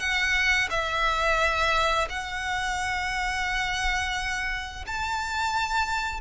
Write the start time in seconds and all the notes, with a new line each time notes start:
0.00 F#5
0.71 E5
2.10 F#5
4.87 A5